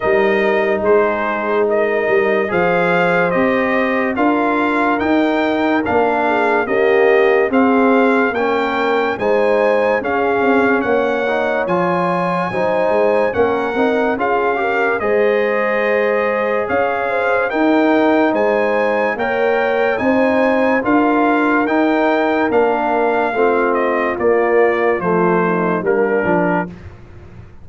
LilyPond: <<
  \new Staff \with { instrumentName = "trumpet" } { \time 4/4 \tempo 4 = 72 dis''4 c''4 dis''4 f''4 | dis''4 f''4 g''4 f''4 | dis''4 f''4 g''4 gis''4 | f''4 fis''4 gis''2 |
fis''4 f''4 dis''2 | f''4 g''4 gis''4 g''4 | gis''4 f''4 g''4 f''4~ | f''8 dis''8 d''4 c''4 ais'4 | }
  \new Staff \with { instrumentName = "horn" } { \time 4/4 ais'4 gis'4 ais'4 c''4~ | c''4 ais'2~ ais'8 gis'8 | g'4 gis'4 ais'4 c''4 | gis'4 cis''2 c''4 |
ais'4 gis'8 ais'8 c''2 | cis''8 c''8 ais'4 c''4 cis''4 | c''4 ais'2. | f'2~ f'8 dis'8 d'4 | }
  \new Staff \with { instrumentName = "trombone" } { \time 4/4 dis'2. gis'4 | g'4 f'4 dis'4 d'4 | ais4 c'4 cis'4 dis'4 | cis'4. dis'8 f'4 dis'4 |
cis'8 dis'8 f'8 g'8 gis'2~ | gis'4 dis'2 ais'4 | dis'4 f'4 dis'4 d'4 | c'4 ais4 a4 ais8 d'8 | }
  \new Staff \with { instrumentName = "tuba" } { \time 4/4 g4 gis4. g8 f4 | c'4 d'4 dis'4 ais4 | cis'4 c'4 ais4 gis4 | cis'8 c'8 ais4 f4 fis8 gis8 |
ais8 c'8 cis'4 gis2 | cis'4 dis'4 gis4 ais4 | c'4 d'4 dis'4 ais4 | a4 ais4 f4 g8 f8 | }
>>